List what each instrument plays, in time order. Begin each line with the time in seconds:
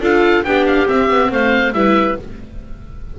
0.00 double bass D4, viola F4, clarinet A4, oboe F5
0.43 double bass B3, viola D4, clarinet G4, oboe G5
0.66 oboe F5
0.86 viola C4, double bass C4, oboe E5
1.10 double bass B3
1.29 double bass A3, clarinet C5, oboe F5
1.72 double bass G3, viola E4, clarinet B4, oboe E5